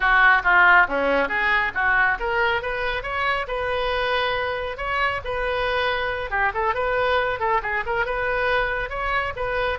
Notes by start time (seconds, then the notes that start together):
0.00 F#4
0.43 F4
0.88 C#4
1.28 G#4
1.74 F#4
2.19 A#4
2.61 B4
3.02 C#5
3.47 B4
4.77 C#5
5.24 B4
6.30 G4
6.54 A4
6.74 B4
7.39 A4
7.62 G#4
7.86 A#4
8.05 B4
8.89 C#5
9.36 B4